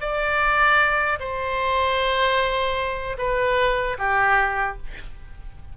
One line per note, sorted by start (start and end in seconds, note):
0.00 1.18 D5
1.19 3.17 C5
3.18 3.97 B4
3.98 4.77 G4